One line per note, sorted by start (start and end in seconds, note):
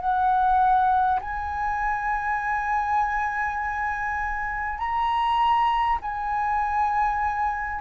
0.00 1.20 F#5
1.21 4.78 G#5
4.78 5.98 A#5
6.01 7.81 G#5